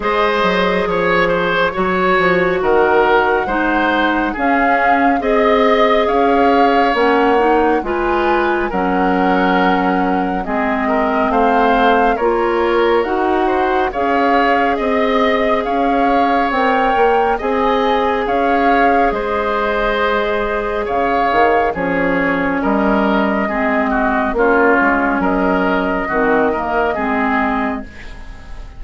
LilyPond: <<
  \new Staff \with { instrumentName = "flute" } { \time 4/4 \tempo 4 = 69 dis''4 cis''2 fis''4~ | fis''4 f''4 dis''4 f''4 | fis''4 gis''4 fis''2 | dis''4 f''4 cis''4 fis''4 |
f''4 dis''4 f''4 g''4 | gis''4 f''4 dis''2 | f''4 cis''4 dis''2 | cis''4 dis''2. | }
  \new Staff \with { instrumentName = "oboe" } { \time 4/4 c''4 cis''8 c''8 cis''4 ais'4 | c''4 gis'4 dis''4 cis''4~ | cis''4 b'4 ais'2 | gis'8 ais'8 c''4 ais'4. c''8 |
cis''4 dis''4 cis''2 | dis''4 cis''4 c''2 | cis''4 gis'4 ais'4 gis'8 fis'8 | f'4 ais'4 fis'8 ais'8 gis'4 | }
  \new Staff \with { instrumentName = "clarinet" } { \time 4/4 gis'2 fis'2 | dis'4 cis'4 gis'2 | cis'8 dis'8 f'4 cis'2 | c'2 f'4 fis'4 |
gis'2. ais'4 | gis'1~ | gis'4 cis'2 c'4 | cis'2 c'8 ais8 c'4 | }
  \new Staff \with { instrumentName = "bassoon" } { \time 4/4 gis8 fis8 f4 fis8 f8 dis4 | gis4 cis'4 c'4 cis'4 | ais4 gis4 fis2 | gis4 a4 ais4 dis'4 |
cis'4 c'4 cis'4 c'8 ais8 | c'4 cis'4 gis2 | cis8 dis8 f4 g4 gis4 | ais8 gis8 fis4 dis4 gis4 | }
>>